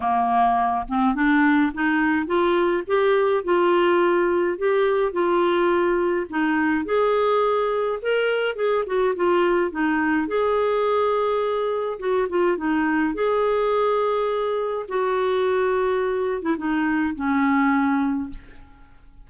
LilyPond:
\new Staff \with { instrumentName = "clarinet" } { \time 4/4 \tempo 4 = 105 ais4. c'8 d'4 dis'4 | f'4 g'4 f'2 | g'4 f'2 dis'4 | gis'2 ais'4 gis'8 fis'8 |
f'4 dis'4 gis'2~ | gis'4 fis'8 f'8 dis'4 gis'4~ | gis'2 fis'2~ | fis'8. e'16 dis'4 cis'2 | }